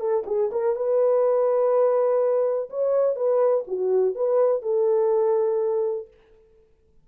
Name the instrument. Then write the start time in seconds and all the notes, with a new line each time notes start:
horn
0.00 A4
0.27 G#4
0.52 A#4
0.76 B4
2.70 C#5
3.16 B4
3.68 F#4
4.15 B4
4.63 A4